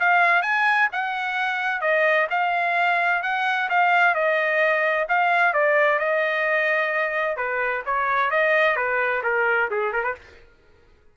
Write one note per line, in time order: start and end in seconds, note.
0.00 0.43 F5
0.43 0.89 G#5
0.93 1.81 F#5
1.81 2.28 D#5
2.31 3.23 F5
3.23 3.69 F#5
3.70 4.15 F5
4.15 5.07 D#5
5.09 5.54 F5
5.54 5.99 D5
5.99 7.37 D#5
7.37 7.83 B4
7.86 8.31 C#5
8.31 8.76 D#5
8.76 9.22 B4
9.23 9.69 A#4
9.71 9.93 G#4
9.93 10.04 A#4
10.04 10.15 B4